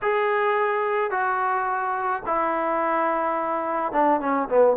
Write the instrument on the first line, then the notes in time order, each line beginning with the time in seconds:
trombone
0.02 G#4
1.10 F#4
2.26 E4
3.92 D4
4.20 C#4
4.48 B3